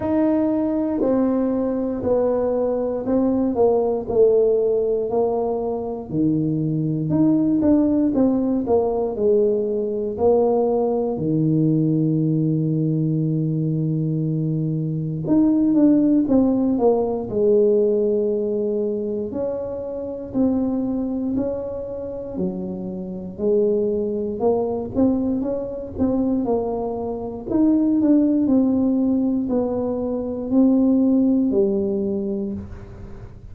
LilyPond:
\new Staff \with { instrumentName = "tuba" } { \time 4/4 \tempo 4 = 59 dis'4 c'4 b4 c'8 ais8 | a4 ais4 dis4 dis'8 d'8 | c'8 ais8 gis4 ais4 dis4~ | dis2. dis'8 d'8 |
c'8 ais8 gis2 cis'4 | c'4 cis'4 fis4 gis4 | ais8 c'8 cis'8 c'8 ais4 dis'8 d'8 | c'4 b4 c'4 g4 | }